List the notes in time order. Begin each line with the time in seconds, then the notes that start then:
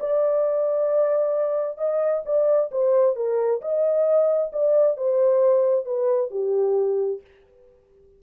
0.00 D5
1.78 D#5
2.25 D5
2.71 C5
3.16 A#4
3.62 D#5
4.53 D5
4.97 C5
5.86 B4
6.31 G4